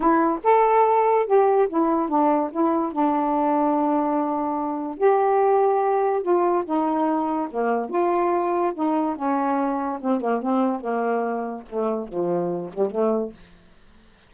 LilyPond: \new Staff \with { instrumentName = "saxophone" } { \time 4/4 \tempo 4 = 144 e'4 a'2 g'4 | e'4 d'4 e'4 d'4~ | d'1 | g'2. f'4 |
dis'2 ais4 f'4~ | f'4 dis'4 cis'2 | c'8 ais8 c'4 ais2 | a4 f4. g8 a4 | }